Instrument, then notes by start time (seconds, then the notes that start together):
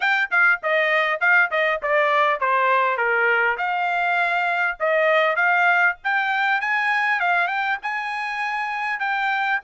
trumpet
0.00 G5
0.30 F5
0.62 D#5
1.20 F5
1.51 D#5
1.82 D5
2.39 C5
2.97 A#4
3.57 F5
4.79 D#5
5.36 F5
6.04 G5
6.61 G#5
7.19 F5
7.47 G5
7.82 G#5
8.99 G5